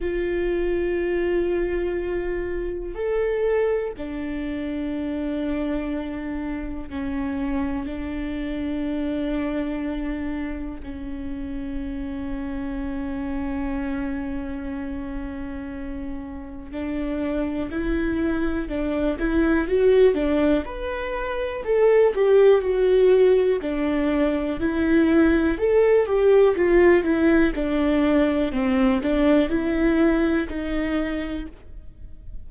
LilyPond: \new Staff \with { instrumentName = "viola" } { \time 4/4 \tempo 4 = 61 f'2. a'4 | d'2. cis'4 | d'2. cis'4~ | cis'1~ |
cis'4 d'4 e'4 d'8 e'8 | fis'8 d'8 b'4 a'8 g'8 fis'4 | d'4 e'4 a'8 g'8 f'8 e'8 | d'4 c'8 d'8 e'4 dis'4 | }